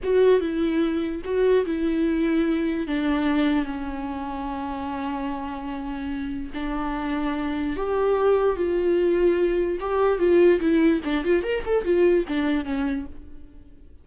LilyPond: \new Staff \with { instrumentName = "viola" } { \time 4/4 \tempo 4 = 147 fis'4 e'2 fis'4 | e'2. d'4~ | d'4 cis'2.~ | cis'1 |
d'2. g'4~ | g'4 f'2. | g'4 f'4 e'4 d'8 f'8 | ais'8 a'8 f'4 d'4 cis'4 | }